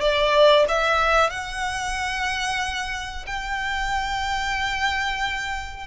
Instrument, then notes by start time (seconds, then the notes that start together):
violin
0.00 D5
0.68 E5
1.30 F#5
3.26 G5